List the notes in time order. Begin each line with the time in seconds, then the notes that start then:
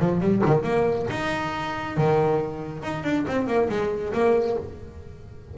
0.00 F3
0.21 G3
0.46 D#3
0.63 A#3
1.10 D#4
1.97 D#3
2.83 D#4
3.04 D4
3.27 C4
3.47 A#3
3.69 G#3
4.13 A#3